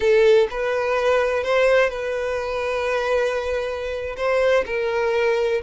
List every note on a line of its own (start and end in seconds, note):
0.00 0.47 A4
0.50 1.43 B4
1.43 1.89 C5
1.89 4.16 B4
4.17 4.64 C5
4.66 5.61 A#4